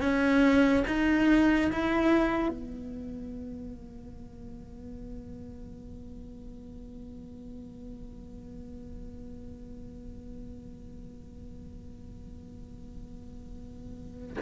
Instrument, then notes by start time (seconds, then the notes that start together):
cello
0.00 C#4
0.87 D#4
1.72 E4
2.48 B3